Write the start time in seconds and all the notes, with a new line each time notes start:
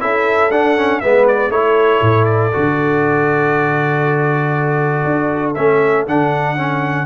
0.00 C#4 E4 A4 E5
0.50 D4 F#5
0.77 C#4
1.00 G#3 B3 B4 E5
1.27 D5
1.49 A3 E4 A4 C#5
2.01 A2
2.24 D5
2.52 D3 F#4
5.04 D4
5.54 A3 C#4 E5
6.06 D3 D4 F#5
6.56 C#4